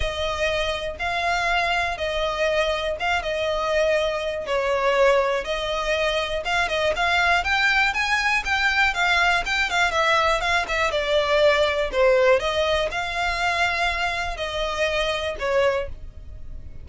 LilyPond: \new Staff \with { instrumentName = "violin" } { \time 4/4 \tempo 4 = 121 dis''2 f''2 | dis''2 f''8 dis''4.~ | dis''4 cis''2 dis''4~ | dis''4 f''8 dis''8 f''4 g''4 |
gis''4 g''4 f''4 g''8 f''8 | e''4 f''8 e''8 d''2 | c''4 dis''4 f''2~ | f''4 dis''2 cis''4 | }